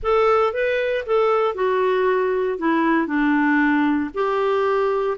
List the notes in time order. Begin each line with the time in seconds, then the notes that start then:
0.02 A4
0.53 B4
1.06 A4
1.54 F#4
2.58 E4
3.07 D4
4.14 G4